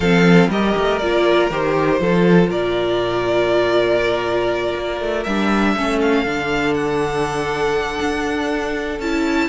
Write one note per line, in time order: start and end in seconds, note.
0.00 0.48 F3
0.00 0.51 C4
0.00 0.48 A4
0.00 0.49 F5
0.48 0.73 G3
0.48 1.01 G4
0.48 2.00 A#4
0.48 0.98 D#5
0.77 1.02 A3
0.98 1.50 A#3
0.98 1.51 F4
0.98 1.48 D5
1.50 2.00 D#3
1.50 2.00 G4
1.50 2.50 C5
2.00 2.48 F3
2.00 5.25 F4
2.00 2.50 A4
2.48 4.73 A#2
2.48 5.75 A#4
2.48 5.23 D5
4.76 5.00 A#3
5.00 5.25 A3
5.23 5.75 G3
5.23 5.77 D4
5.23 5.98 E5
5.75 6.24 A3
5.75 6.25 C#4
5.75 9.48 A4
6.01 6.74 F5
6.24 7.99 D3
6.24 9.00 D4
6.74 8.99 F#5
8.00 8.99 D4
8.99 9.48 C#4
8.99 9.48 E4
8.99 9.48 A5